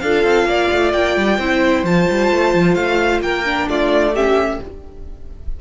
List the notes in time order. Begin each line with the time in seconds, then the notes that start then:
0.00 D4 F4 A4 F5
0.24 C4
0.45 A#3 D5
0.72 A3
0.92 A#3 G5
1.16 G3
1.38 C4 E4 C5
1.83 F3 F4 A5
2.10 G3
2.31 A3
2.54 F3
2.74 A3 F5
3.20 A#3 A#4 G5
3.44 D4
3.68 A3 F4 D5
4.13 C#4 G4 E5